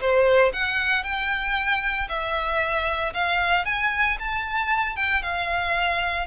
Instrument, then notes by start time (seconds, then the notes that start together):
violin
0.00 C5
0.53 F#5
1.03 G5
2.09 E5
3.13 F5
3.65 G#5
4.19 A5
4.96 G5
5.22 F5